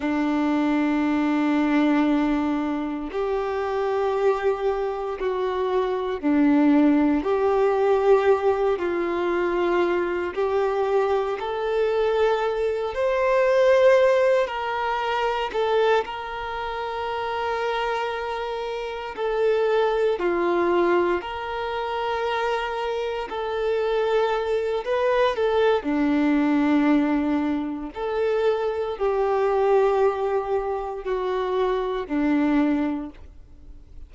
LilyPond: \new Staff \with { instrumentName = "violin" } { \time 4/4 \tempo 4 = 58 d'2. g'4~ | g'4 fis'4 d'4 g'4~ | g'8 f'4. g'4 a'4~ | a'8 c''4. ais'4 a'8 ais'8~ |
ais'2~ ais'8 a'4 f'8~ | f'8 ais'2 a'4. | b'8 a'8 d'2 a'4 | g'2 fis'4 d'4 | }